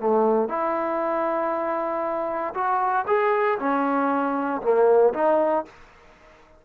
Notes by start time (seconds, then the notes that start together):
0.00 A3
0.49 E4
2.54 F#4
3.07 G#4
3.59 C#4
4.62 A#3
5.14 D#4